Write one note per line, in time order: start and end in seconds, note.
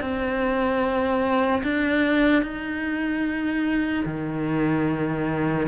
0.00 1.62 C4
1.63 2.42 D4
2.42 4.04 D#4
4.05 5.67 D#3